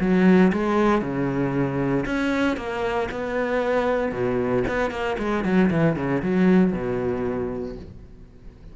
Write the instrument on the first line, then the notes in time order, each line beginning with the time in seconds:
cello
0.00 F#3
0.52 G#3
1.02 C#3
2.05 C#4
2.57 A#3
3.11 B3
4.12 B2
4.68 B3
4.90 A#3
5.18 G#3
5.44 F#3
5.70 E3
5.96 C#3
6.22 F#3
6.72 B2